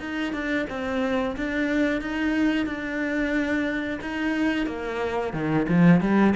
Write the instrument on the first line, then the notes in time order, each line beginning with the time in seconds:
cello
0.00 D#4
0.33 D4
0.69 C4
1.36 D4
2.01 D#4
2.66 D4
4.01 D#4
4.66 A#3
5.33 D#3
5.68 F3
6.01 G3